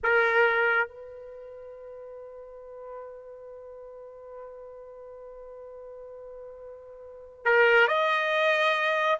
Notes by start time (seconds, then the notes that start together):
0.03 A#4
0.88 B4
7.45 A#4
7.87 D#5